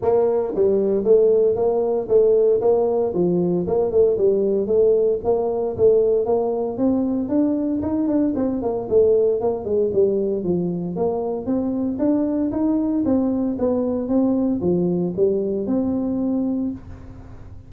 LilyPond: \new Staff \with { instrumentName = "tuba" } { \time 4/4 \tempo 4 = 115 ais4 g4 a4 ais4 | a4 ais4 f4 ais8 a8 | g4 a4 ais4 a4 | ais4 c'4 d'4 dis'8 d'8 |
c'8 ais8 a4 ais8 gis8 g4 | f4 ais4 c'4 d'4 | dis'4 c'4 b4 c'4 | f4 g4 c'2 | }